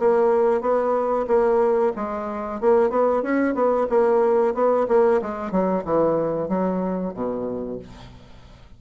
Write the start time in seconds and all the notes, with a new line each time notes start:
0.00 A#3
0.61 B3
1.28 A#3
1.96 G#3
2.61 A#3
2.90 B3
3.23 C#4
3.55 B3
3.90 A#3
4.55 B3
4.89 A#3
5.22 G#3
5.52 F#3
5.85 E3
6.49 F#3
7.14 B2